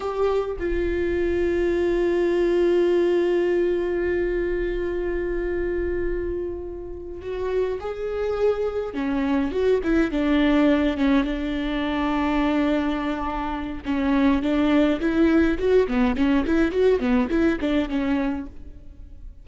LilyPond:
\new Staff \with { instrumentName = "viola" } { \time 4/4 \tempo 4 = 104 g'4 f'2.~ | f'1~ | f'1~ | f'8 fis'4 gis'2 cis'8~ |
cis'8 fis'8 e'8 d'4. cis'8 d'8~ | d'1 | cis'4 d'4 e'4 fis'8 b8 | cis'8 e'8 fis'8 b8 e'8 d'8 cis'4 | }